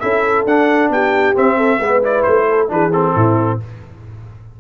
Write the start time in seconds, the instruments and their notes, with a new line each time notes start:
0.00 tuba C#4, trombone E4, horn A4, trumpet E5
0.44 tuba D4, trombone D4, trumpet F#5
0.89 tuba B3, horn G4, trumpet G5
1.34 trombone C4, tuba C4, trumpet E5
1.57 horn A4
1.79 tuba G#3, trombone B3, horn B4
2.02 trombone E4, trumpet D5
2.23 tuba A3, trumpet C5
2.49 horn A4
2.68 tuba E3, trombone D4, horn G#4, trumpet B4
2.93 trombone C4, trumpet A4
3.15 tuba A2, horn E4